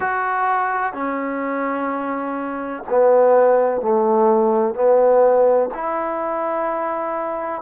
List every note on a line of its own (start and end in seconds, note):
0.00 0.93 F#4
0.93 2.83 C#4
2.89 3.81 B3
3.81 4.74 A3
4.74 5.69 B3
5.74 7.61 E4